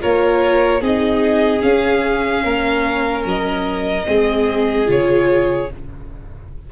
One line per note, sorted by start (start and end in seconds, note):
0.00 0.82 A#3
0.00 0.81 F4
0.00 0.81 A#4
0.00 0.83 C#5
0.81 1.63 C4
0.81 1.60 D#4
0.81 2.43 G#4
0.81 1.62 D#5
1.60 4.03 C#4
1.60 2.44 C#4
1.60 3.24 F5
2.44 3.25 A#3
2.44 4.07 A#4
3.25 4.06 F#3
3.25 4.90 D#5
4.05 4.88 G#3
4.05 4.86 C4
4.05 5.70 G#4
4.86 5.70 C#3
4.86 5.67 F4
4.86 5.72 C#5